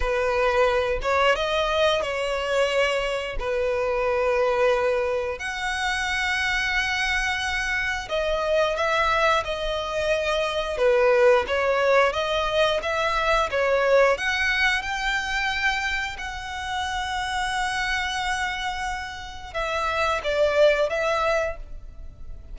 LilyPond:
\new Staff \with { instrumentName = "violin" } { \time 4/4 \tempo 4 = 89 b'4. cis''8 dis''4 cis''4~ | cis''4 b'2. | fis''1 | dis''4 e''4 dis''2 |
b'4 cis''4 dis''4 e''4 | cis''4 fis''4 g''2 | fis''1~ | fis''4 e''4 d''4 e''4 | }